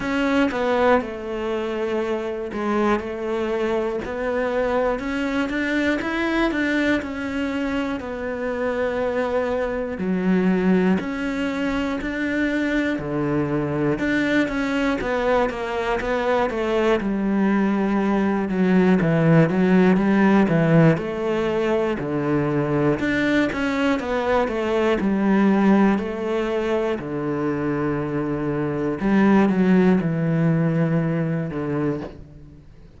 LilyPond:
\new Staff \with { instrumentName = "cello" } { \time 4/4 \tempo 4 = 60 cis'8 b8 a4. gis8 a4 | b4 cis'8 d'8 e'8 d'8 cis'4 | b2 fis4 cis'4 | d'4 d4 d'8 cis'8 b8 ais8 |
b8 a8 g4. fis8 e8 fis8 | g8 e8 a4 d4 d'8 cis'8 | b8 a8 g4 a4 d4~ | d4 g8 fis8 e4. d8 | }